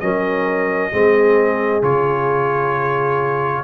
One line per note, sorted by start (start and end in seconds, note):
0.00 0.92 F#3
0.00 0.92 C#4
0.00 0.92 A#4
0.00 1.82 D#5
0.92 1.82 G#3
0.92 1.82 C4
0.92 3.63 G#4
1.82 3.63 C#3
1.82 3.63 F4
1.82 3.63 C#5